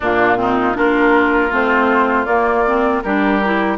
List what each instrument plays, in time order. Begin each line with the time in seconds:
0.00 bassoon A#2, clarinet A#3, oboe D4, flute F4
0.36 clarinet C4, oboe D#4
0.74 bassoon A#3, clarinet D4, oboe F4, flute A#4
1.51 bassoon A3, clarinet C4, flute C5
2.25 bassoon A#3, clarinet A#3, flute D5
2.66 clarinet C4
3.02 bassoon G3, clarinet D4, oboe G4, flute A#4
3.44 clarinet E4